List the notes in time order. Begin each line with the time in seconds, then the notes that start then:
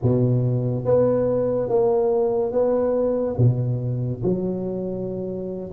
0.02 B2
0.85 B3
1.68 A#3
2.52 B3
3.37 B2
4.23 F#3